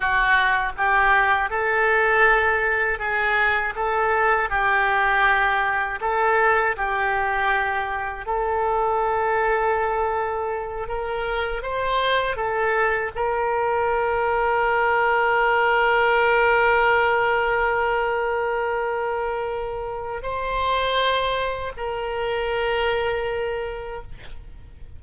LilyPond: \new Staff \with { instrumentName = "oboe" } { \time 4/4 \tempo 4 = 80 fis'4 g'4 a'2 | gis'4 a'4 g'2 | a'4 g'2 a'4~ | a'2~ a'8 ais'4 c''8~ |
c''8 a'4 ais'2~ ais'8~ | ais'1~ | ais'2. c''4~ | c''4 ais'2. | }